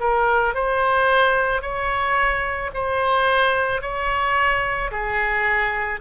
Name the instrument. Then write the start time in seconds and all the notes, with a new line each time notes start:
oboe
0.00 A#4
0.54 C5
1.61 C#5
2.74 C5
3.81 C#5
4.91 G#4